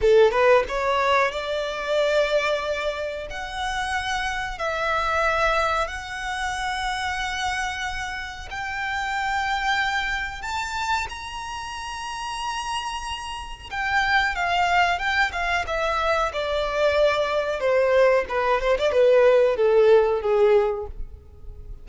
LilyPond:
\new Staff \with { instrumentName = "violin" } { \time 4/4 \tempo 4 = 92 a'8 b'8 cis''4 d''2~ | d''4 fis''2 e''4~ | e''4 fis''2.~ | fis''4 g''2. |
a''4 ais''2.~ | ais''4 g''4 f''4 g''8 f''8 | e''4 d''2 c''4 | b'8 c''16 d''16 b'4 a'4 gis'4 | }